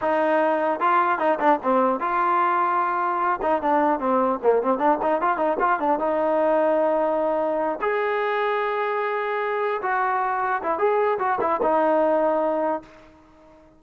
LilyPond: \new Staff \with { instrumentName = "trombone" } { \time 4/4 \tempo 4 = 150 dis'2 f'4 dis'8 d'8 | c'4 f'2.~ | f'8 dis'8 d'4 c'4 ais8 c'8 | d'8 dis'8 f'8 dis'8 f'8 d'8 dis'4~ |
dis'2.~ dis'8 gis'8~ | gis'1~ | gis'8 fis'2 e'8 gis'4 | fis'8 e'8 dis'2. | }